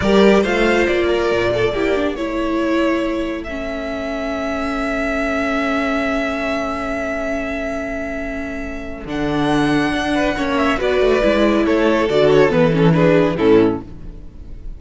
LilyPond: <<
  \new Staff \with { instrumentName = "violin" } { \time 4/4 \tempo 4 = 139 d''4 f''4 d''2~ | d''4 cis''2. | e''1~ | e''1~ |
e''1~ | e''4 fis''2.~ | fis''8 e''8 d''2 cis''4 | d''8 cis''8 b'8 a'8 b'4 a'4 | }
  \new Staff \with { instrumentName = "violin" } { \time 4/4 ais'4 c''4. ais'4 a'8 | g'4 a'2.~ | a'1~ | a'1~ |
a'1~ | a'2.~ a'8 b'8 | cis''4 b'2 a'4~ | a'2 gis'4 e'4 | }
  \new Staff \with { instrumentName = "viola" } { \time 4/4 g'4 f'2. | e'8 d'8 e'2. | cis'1~ | cis'1~ |
cis'1~ | cis'4 d'2. | cis'4 fis'4 e'2 | fis'4 b8 cis'8 d'4 cis'4 | }
  \new Staff \with { instrumentName = "cello" } { \time 4/4 g4 a4 ais4 ais,4 | ais4 a2.~ | a1~ | a1~ |
a1~ | a4 d2 d'4 | ais4 b8 a8 gis4 a4 | d4 e2 a,4 | }
>>